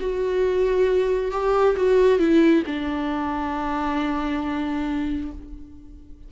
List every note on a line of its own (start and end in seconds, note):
0.00 1.31 F#4
1.31 1.75 G4
1.76 2.19 F#4
2.19 2.63 E4
2.66 5.31 D4